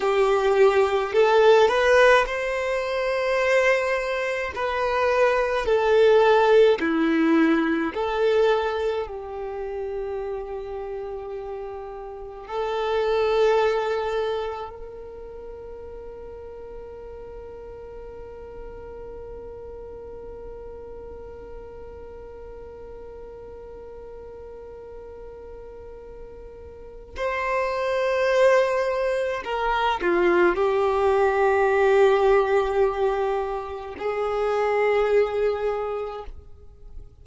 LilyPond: \new Staff \with { instrumentName = "violin" } { \time 4/4 \tempo 4 = 53 g'4 a'8 b'8 c''2 | b'4 a'4 e'4 a'4 | g'2. a'4~ | a'4 ais'2.~ |
ais'1~ | ais'1 | c''2 ais'8 f'8 g'4~ | g'2 gis'2 | }